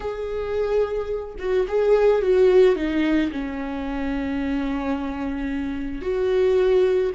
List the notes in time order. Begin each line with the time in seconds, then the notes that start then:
0.00 G#4
1.38 F#4
1.67 G#4
2.22 F#4
2.75 D#4
3.31 C#4
6.02 F#4